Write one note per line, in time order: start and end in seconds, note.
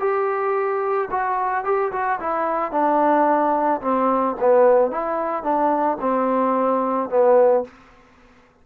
0.00 1.09 G4
1.11 1.65 F#4
1.65 1.92 G4
1.92 2.20 F#4
2.20 2.72 E4
2.72 3.81 D4
3.82 4.36 C4
4.40 4.92 B3
4.92 5.43 E4
5.43 5.98 D4
6.01 7.10 C4
7.10 7.65 B3